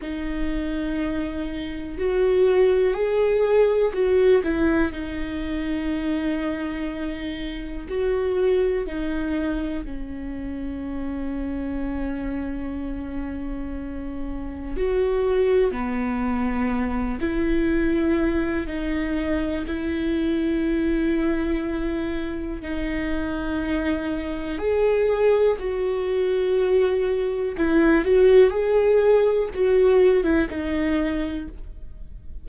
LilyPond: \new Staff \with { instrumentName = "viola" } { \time 4/4 \tempo 4 = 61 dis'2 fis'4 gis'4 | fis'8 e'8 dis'2. | fis'4 dis'4 cis'2~ | cis'2. fis'4 |
b4. e'4. dis'4 | e'2. dis'4~ | dis'4 gis'4 fis'2 | e'8 fis'8 gis'4 fis'8. e'16 dis'4 | }